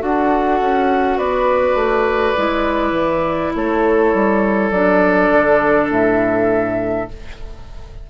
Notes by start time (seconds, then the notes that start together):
0.00 D4 F#4 A4 F#5
0.61 C#4
1.18 B3 B4 D5
1.75 A3
2.37 G#3 E4
2.92 E3
3.56 A3 A4 C#5
4.14 G3
4.71 F#3 D4 D5
5.31 D3
5.90 A2 E5